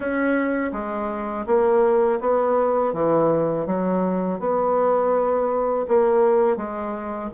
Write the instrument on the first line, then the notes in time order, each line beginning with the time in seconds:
bassoon
0.00 C#4
0.72 G#3
1.46 A#3
2.20 B3
2.93 E3
3.66 F#3
4.39 B3
5.87 A#3
6.57 G#3